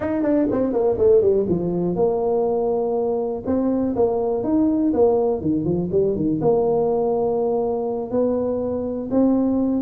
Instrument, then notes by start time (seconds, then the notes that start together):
tuba
0.00 D#4
0.22 D4
0.51 C4
0.72 A#3
0.97 A3
1.21 G3
1.48 F3
1.95 A#3
3.46 C4
3.95 A#3
4.43 D#4
4.93 A#3
5.41 D#3
5.64 F3
5.92 G3
6.16 D#3
6.41 A#3
8.10 B3
9.10 C4